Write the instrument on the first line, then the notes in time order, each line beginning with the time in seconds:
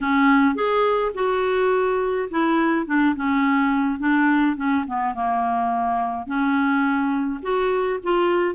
clarinet
0.01 C#4
0.55 G#4
1.14 F#4
2.30 E4
2.86 D4
3.15 C#4
3.99 D4
4.56 C#4
4.87 B3
5.14 A#3
6.26 C#4
7.42 F#4
8.03 F4